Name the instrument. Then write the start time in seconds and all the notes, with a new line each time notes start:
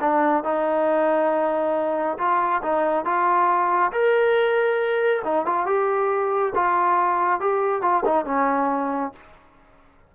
trombone
0.00 D4
0.44 D#4
2.18 F4
2.62 D#4
3.05 F4
3.92 A#4
5.25 D#4
5.45 F4
5.66 G4
6.55 F4
7.40 G4
7.81 F4
8.05 D#4
8.25 C#4